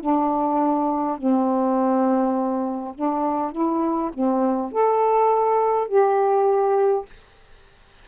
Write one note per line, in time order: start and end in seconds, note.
0.00 1.18 D4
1.18 2.94 C4
2.94 3.52 D4
3.52 4.11 E4
4.14 4.72 C4
4.72 5.88 A4
5.88 7.05 G4